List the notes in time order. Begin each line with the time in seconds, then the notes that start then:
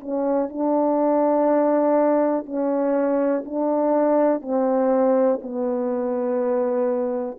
0.00 C#4
0.50 D4
2.46 C#4
3.46 D4
4.42 C4
5.42 B3